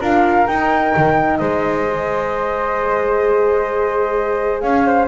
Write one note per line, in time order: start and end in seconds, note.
0.00 0.46 D4
0.00 0.47 F4
0.00 1.38 A#4
0.00 0.46 F5
0.46 0.93 D#4
0.46 1.87 D#4
0.46 1.37 G5
0.96 1.40 D#3
1.37 4.63 G#3
1.37 4.62 C5
1.37 4.60 D#5
1.88 5.08 G#4
4.60 5.08 C#4
4.60 4.86 C#5
4.60 5.06 F5
4.86 5.08 C5